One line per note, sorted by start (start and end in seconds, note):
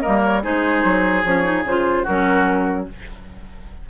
0.00 0.42 A#3
0.00 0.42 A#4
0.00 0.20 D#5
0.07 0.45 G3
0.23 0.43 C#5
0.43 0.84 G#3
0.43 1.24 D#4
0.43 2.03 G#4
0.43 1.24 C5
0.84 1.24 F#3
1.24 1.64 F3
1.24 1.43 C#4
1.24 1.64 C#5
1.43 1.63 D#4
1.64 2.04 C#3
1.64 2.07 F4
1.64 2.06 C5
2.03 2.89 F#3
2.03 2.88 C#4
2.03 2.84 F#4
2.03 2.87 A#4